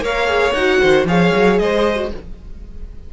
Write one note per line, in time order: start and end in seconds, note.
0.00 0.52 A#3
0.00 0.26 A#4
0.00 0.81 C#5
0.00 0.53 F5
0.26 0.52 G#4
0.53 0.79 D#4
0.53 1.07 F#4
0.53 1.06 F#5
0.81 1.05 D#3
0.81 1.07 C5
1.05 1.31 F3
1.05 1.95 G#4
1.05 1.61 C#5
1.05 1.59 F5
1.35 1.59 F#3
1.59 2.12 G#3
1.59 2.14 C5
1.59 2.11 D#5
1.95 2.08 F#4